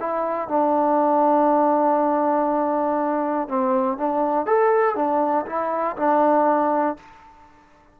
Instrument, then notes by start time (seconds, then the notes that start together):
trombone
0.00 E4
0.48 D4
3.48 C4
3.97 D4
4.46 A4
4.95 D4
5.46 E4
5.97 D4